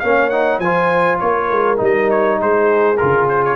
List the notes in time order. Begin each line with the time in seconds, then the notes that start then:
0.00 A#3 C#4 C#5 F5
0.30 D#4 F#5
0.59 F3 F4 C5 G#5
1.19 A#3 A#4 C#5
1.51 G#3
1.77 G3 D#4
1.84 D#5
2.11 C#5
2.39 G#3 G#4 C5
2.98 C#3 F4 A#4
3.29 C5
3.45 C#5